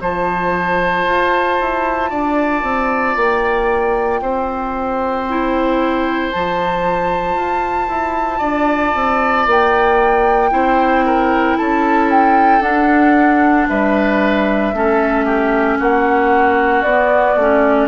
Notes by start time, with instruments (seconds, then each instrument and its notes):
0.00 bassoon F3, clarinet F4, oboe C5, flute A5
1.05 bassoon F4
1.60 bassoon E4
2.10 bassoon D4, oboe D5
2.62 bassoon C4
3.16 bassoon A#3, flute G5
4.21 bassoon C4, oboe C5
5.29 clarinet E4
6.31 bassoon F3, clarinet F4, flute A5
7.35 bassoon F4
7.88 bassoon E4
8.38 bassoon D4, oboe D5
8.94 bassoon C4
9.46 bassoon A#3, flute G5
10.50 bassoon C4, clarinet E4, oboe C5
11.05 oboe A#4
11.57 bassoon C#4, oboe A4, flute A5
12.10 flute G5
12.60 bassoon D4, clarinet D4, flute F#5
13.68 bassoon G3, oboe B4, flute E5
14.73 bassoon A3, clarinet C#4, oboe A4
15.25 oboe G4
15.79 bassoon A#3, oboe F#4, flute F#5
16.82 bassoon B3, clarinet B3, flute D5
17.35 bassoon A3, clarinet C#4